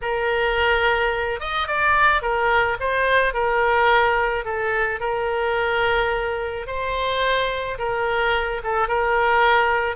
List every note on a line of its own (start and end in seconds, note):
0.01 1.40 A#4
1.40 1.67 D#5
1.67 2.21 D5
2.21 2.77 A#4
2.80 3.33 C5
3.33 4.44 A#4
4.44 5.00 A4
5.00 6.66 A#4
6.67 7.78 C5
7.78 8.61 A#4
8.63 8.88 A4
8.88 9.96 A#4